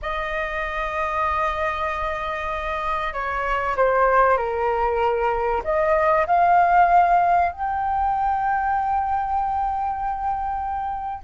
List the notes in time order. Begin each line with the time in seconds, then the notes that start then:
0.01 D#5
3.12 C#5
3.76 C5
4.37 A#4
5.64 D#5
6.26 F5
7.51 G5